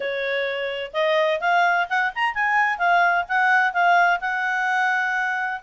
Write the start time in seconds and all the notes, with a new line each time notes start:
0.00 C#5
0.93 D#5
1.40 F5
1.89 F#5
2.15 A#5
2.34 G#5
2.78 F5
3.28 F#5
3.73 F5
4.20 F#5